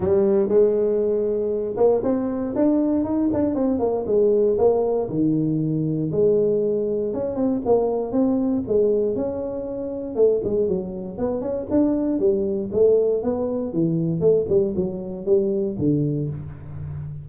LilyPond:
\new Staff \with { instrumentName = "tuba" } { \time 4/4 \tempo 4 = 118 g4 gis2~ gis8 ais8 | c'4 d'4 dis'8 d'8 c'8 ais8 | gis4 ais4 dis2 | gis2 cis'8 c'8 ais4 |
c'4 gis4 cis'2 | a8 gis8 fis4 b8 cis'8 d'4 | g4 a4 b4 e4 | a8 g8 fis4 g4 d4 | }